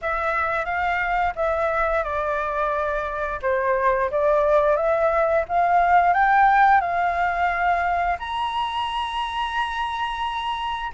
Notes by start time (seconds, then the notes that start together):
0.01 E5
0.65 F5
1.35 E5
2.03 D5
3.42 C5
4.10 D5
4.76 E5
5.48 F5
6.13 G5
6.81 F5
8.19 A#5